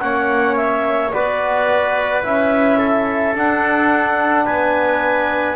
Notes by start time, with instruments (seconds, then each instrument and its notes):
0.00 double bass A#3, trombone C#4, trumpet C#5, clarinet F#5
0.56 clarinet E5
1.12 double bass B3, trombone F#4, trumpet B4, clarinet D5
2.22 double bass C#4, trombone E4, clarinet E5
2.78 trumpet A4
3.34 trombone D4, double bass D4, clarinet F#5
4.46 double bass B3, trumpet B4, clarinet G#5